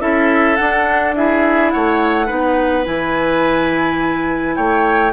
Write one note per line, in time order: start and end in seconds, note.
0.00 0.58 C#4
0.00 0.57 E4
0.00 1.16 A4
0.00 0.56 E5
0.56 1.16 D4
0.56 1.75 D4
0.56 1.13 F#5
1.16 2.27 E4
1.16 1.74 G#4
1.16 1.71 E5
1.71 2.31 A3
1.71 2.27 C#5
1.71 2.85 F#5
2.27 2.87 B3
2.27 2.84 D#4
2.27 4.55 B4
2.84 4.58 E3
2.84 5.13 E4
2.84 4.57 G#5
4.57 5.13 A3
4.57 5.13 C#5
4.57 5.13 G5